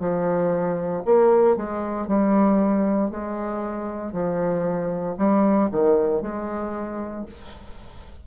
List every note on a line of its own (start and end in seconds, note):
0.00 1.03 F3
1.05 1.57 A#3
1.57 2.08 G#3
2.08 3.11 G3
3.11 4.13 G#3
4.13 5.16 F3
5.18 5.69 G3
5.72 6.22 D#3
6.22 7.26 G#3